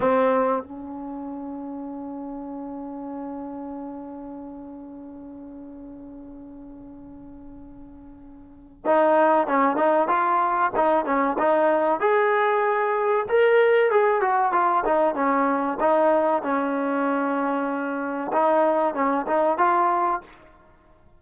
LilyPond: \new Staff \with { instrumentName = "trombone" } { \time 4/4 \tempo 4 = 95 c'4 cis'2.~ | cis'1~ | cis'1~ | cis'2 dis'4 cis'8 dis'8 |
f'4 dis'8 cis'8 dis'4 gis'4~ | gis'4 ais'4 gis'8 fis'8 f'8 dis'8 | cis'4 dis'4 cis'2~ | cis'4 dis'4 cis'8 dis'8 f'4 | }